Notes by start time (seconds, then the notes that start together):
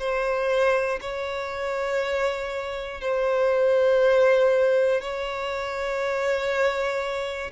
0.00 C5
1.02 C#5
3.02 C5
5.02 C#5